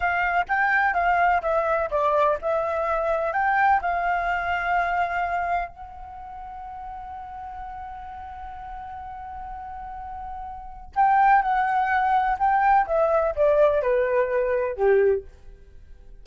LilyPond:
\new Staff \with { instrumentName = "flute" } { \time 4/4 \tempo 4 = 126 f''4 g''4 f''4 e''4 | d''4 e''2 g''4 | f''1 | fis''1~ |
fis''1~ | fis''2. g''4 | fis''2 g''4 e''4 | d''4 b'2 g'4 | }